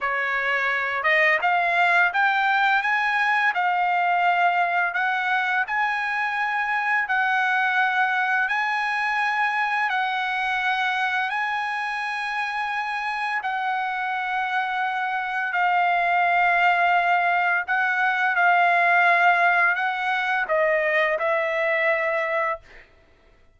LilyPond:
\new Staff \with { instrumentName = "trumpet" } { \time 4/4 \tempo 4 = 85 cis''4. dis''8 f''4 g''4 | gis''4 f''2 fis''4 | gis''2 fis''2 | gis''2 fis''2 |
gis''2. fis''4~ | fis''2 f''2~ | f''4 fis''4 f''2 | fis''4 dis''4 e''2 | }